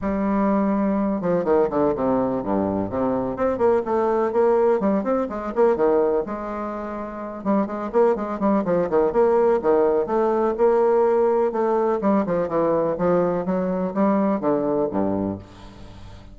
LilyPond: \new Staff \with { instrumentName = "bassoon" } { \time 4/4 \tempo 4 = 125 g2~ g8 f8 dis8 d8 | c4 g,4 c4 c'8 ais8 | a4 ais4 g8 c'8 gis8 ais8 | dis4 gis2~ gis8 g8 |
gis8 ais8 gis8 g8 f8 dis8 ais4 | dis4 a4 ais2 | a4 g8 f8 e4 f4 | fis4 g4 d4 g,4 | }